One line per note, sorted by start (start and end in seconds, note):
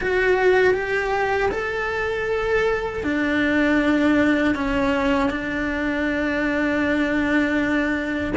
0.00 0.74 F#4
0.74 1.50 G4
1.51 3.03 A4
3.03 4.54 D4
4.54 5.30 C#4
5.30 8.33 D4